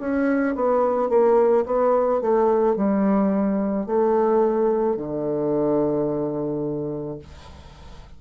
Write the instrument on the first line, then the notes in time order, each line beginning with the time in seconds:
bassoon
0.00 C#4
0.56 B3
1.10 A#3
1.66 B3
2.22 A3
2.76 G3
3.86 A3
4.97 D3